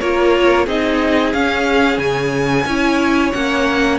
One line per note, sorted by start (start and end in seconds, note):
0.00 0.67 A#3
0.00 0.68 F4
0.00 0.65 A#4
0.00 0.67 C#5
0.65 1.34 C4
0.65 1.34 D#4
0.65 2.65 G#4
0.65 1.33 D#5
1.33 2.67 C#4
1.33 1.98 C#4
1.33 1.99 F5
1.98 2.65 C#3
1.98 3.32 G#5
2.66 3.32 C#4
2.66 3.34 E4
2.66 3.99 C#5
3.32 3.99 A#3
3.32 3.99 C#4
3.32 3.99 F#5